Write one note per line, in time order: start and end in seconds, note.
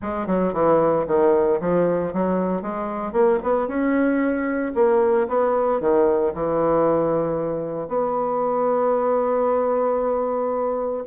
0.01 0.26 G#3
0.26 0.53 F#3
0.53 1.05 E3
1.07 1.59 D#3
1.60 2.13 F3
2.13 2.62 F#3
2.62 3.12 G#3
3.12 3.38 A#3
3.43 3.67 B3
3.67 4.72 C#4
4.74 5.27 A#3
5.28 5.80 B3
5.80 6.33 D#3
6.34 7.88 E3
7.88 11.04 B3